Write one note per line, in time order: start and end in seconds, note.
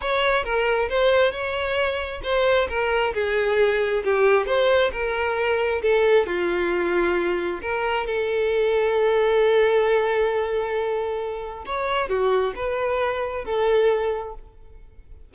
0.01 0.44 C#5
0.44 0.88 A#4
0.89 1.31 C5
1.31 2.21 C#5
2.23 2.68 C5
2.69 3.13 A#4
3.14 4.03 G#4
4.04 4.46 G4
4.46 4.91 C5
4.92 5.81 A#4
5.81 6.26 A4
6.26 7.60 F4
7.61 8.06 A#4
8.06 11.64 A4
11.65 12.08 C#5
12.08 12.53 F#4
12.55 13.44 B4
13.44 14.34 A4